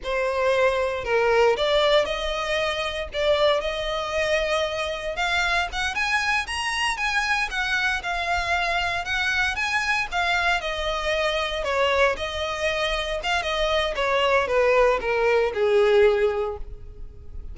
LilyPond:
\new Staff \with { instrumentName = "violin" } { \time 4/4 \tempo 4 = 116 c''2 ais'4 d''4 | dis''2 d''4 dis''4~ | dis''2 f''4 fis''8 gis''8~ | gis''8 ais''4 gis''4 fis''4 f''8~ |
f''4. fis''4 gis''4 f''8~ | f''8 dis''2 cis''4 dis''8~ | dis''4. f''8 dis''4 cis''4 | b'4 ais'4 gis'2 | }